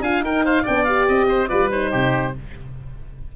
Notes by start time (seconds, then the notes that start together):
0.00 D4 F4 F5 G#5
0.20 D#4 A#4 G5
0.45 C5 F5
0.62 B3 D4 D5 G5
0.84 G4 F5
1.08 C4 D#5
1.28 C5
1.48 G3 F4 B4 D5
1.70 D#4 C5
1.90 C3 G4